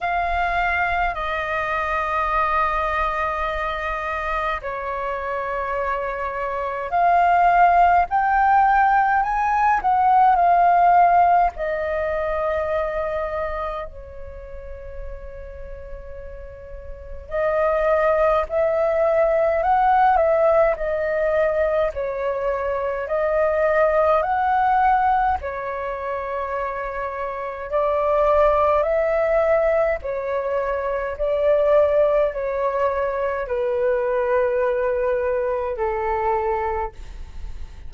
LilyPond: \new Staff \with { instrumentName = "flute" } { \time 4/4 \tempo 4 = 52 f''4 dis''2. | cis''2 f''4 g''4 | gis''8 fis''8 f''4 dis''2 | cis''2. dis''4 |
e''4 fis''8 e''8 dis''4 cis''4 | dis''4 fis''4 cis''2 | d''4 e''4 cis''4 d''4 | cis''4 b'2 a'4 | }